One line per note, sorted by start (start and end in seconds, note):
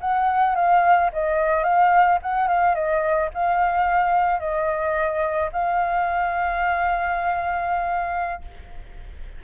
0.00 0.55 F#5
0.55 1.10 F5
1.13 1.63 D#5
1.63 2.18 F5
2.22 2.47 F#5
2.47 2.74 F5
2.74 3.29 D#5
3.34 4.39 F5
4.39 5.49 D#5
5.52 8.41 F5